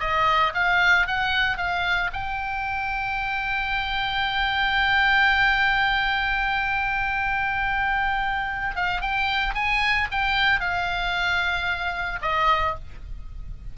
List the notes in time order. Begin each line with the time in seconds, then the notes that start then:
0.00 D#5
0.54 F5
1.07 F#5
1.57 F5
2.13 G5
8.76 F5
9.01 G5
9.55 G#5
10.12 G5
10.60 F5
12.22 D#5